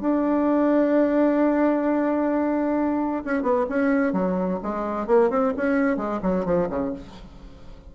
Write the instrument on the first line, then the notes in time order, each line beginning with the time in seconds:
bassoon
0.00 D4
3.25 C#4
3.42 B3
3.69 C#4
4.13 F#3
4.62 G#3
5.06 A#3
5.30 C4
5.56 C#4
5.97 G#3
6.22 F#3
6.45 F3
6.69 C#3